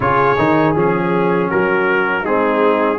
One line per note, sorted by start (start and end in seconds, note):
0.00 0.37 C#3
0.00 0.36 F4
0.00 1.48 G#4
0.00 0.75 C#5
0.38 0.75 D#3
0.38 0.74 D#4
0.74 1.50 F3
0.74 2.24 C#4
0.74 1.50 G#4
1.48 2.23 F#3
1.48 2.22 F#4
1.48 2.25 A#4
2.22 2.98 G#3
2.22 2.98 C4
2.22 2.97 D#4
2.22 2.98 G#4